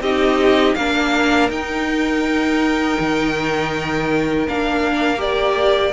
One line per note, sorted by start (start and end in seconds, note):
0.00 0.74 C4
0.00 0.78 D#4
0.00 0.76 G4
0.00 0.75 D#5
0.75 1.49 A#3
0.75 1.50 D4
0.75 5.93 A#4
0.75 1.49 F5
1.49 2.98 D#4
1.49 4.47 D#4
1.49 4.47 G5
2.99 4.48 D#3
4.48 5.93 A#3
4.48 5.17 D4
4.48 5.21 F5
5.17 5.91 G4
5.17 5.93 D5